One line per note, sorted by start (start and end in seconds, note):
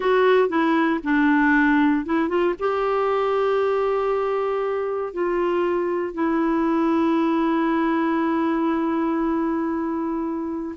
0.00 0.48 F#4
0.48 1.00 E4
1.03 2.05 D4
2.05 2.28 E4
2.28 2.54 F4
2.59 5.13 G4
5.13 6.14 F4
6.14 10.75 E4